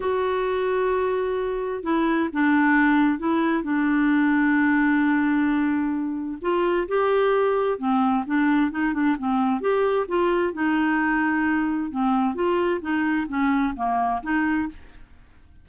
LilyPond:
\new Staff \with { instrumentName = "clarinet" } { \time 4/4 \tempo 4 = 131 fis'1 | e'4 d'2 e'4 | d'1~ | d'2 f'4 g'4~ |
g'4 c'4 d'4 dis'8 d'8 | c'4 g'4 f'4 dis'4~ | dis'2 c'4 f'4 | dis'4 cis'4 ais4 dis'4 | }